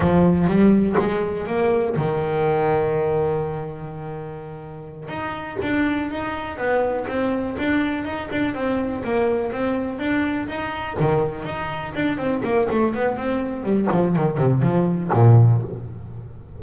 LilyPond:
\new Staff \with { instrumentName = "double bass" } { \time 4/4 \tempo 4 = 123 f4 g4 gis4 ais4 | dis1~ | dis2~ dis8 dis'4 d'8~ | d'8 dis'4 b4 c'4 d'8~ |
d'8 dis'8 d'8 c'4 ais4 c'8~ | c'8 d'4 dis'4 dis4 dis'8~ | dis'8 d'8 c'8 ais8 a8 b8 c'4 | g8 f8 dis8 c8 f4 ais,4 | }